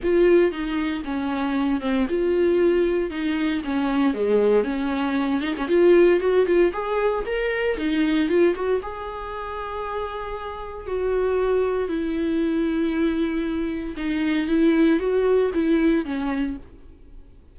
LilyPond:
\new Staff \with { instrumentName = "viola" } { \time 4/4 \tempo 4 = 116 f'4 dis'4 cis'4. c'8 | f'2 dis'4 cis'4 | gis4 cis'4. dis'16 cis'16 f'4 | fis'8 f'8 gis'4 ais'4 dis'4 |
f'8 fis'8 gis'2.~ | gis'4 fis'2 e'4~ | e'2. dis'4 | e'4 fis'4 e'4 cis'4 | }